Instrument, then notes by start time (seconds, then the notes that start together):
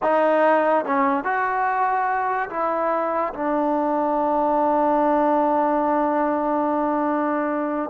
trombone
0.02 D#4
0.85 C#4
1.23 F#4
2.49 E4
3.33 D4